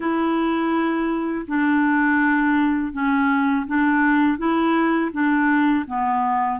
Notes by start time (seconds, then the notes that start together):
0.00 E4
1.47 D4
2.93 C#4
3.67 D4
4.37 E4
5.12 D4
5.87 B3